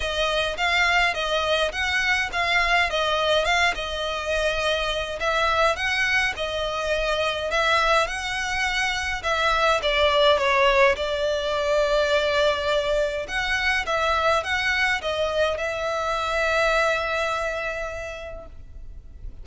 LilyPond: \new Staff \with { instrumentName = "violin" } { \time 4/4 \tempo 4 = 104 dis''4 f''4 dis''4 fis''4 | f''4 dis''4 f''8 dis''4.~ | dis''4 e''4 fis''4 dis''4~ | dis''4 e''4 fis''2 |
e''4 d''4 cis''4 d''4~ | d''2. fis''4 | e''4 fis''4 dis''4 e''4~ | e''1 | }